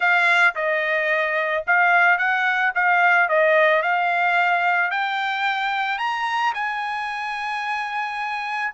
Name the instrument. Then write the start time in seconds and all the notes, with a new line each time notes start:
trumpet
0.00 F5
0.55 D#5
1.66 F5
2.17 F#5
2.74 F5
3.29 D#5
3.82 F5
4.90 G5
5.98 A#5
6.53 G#5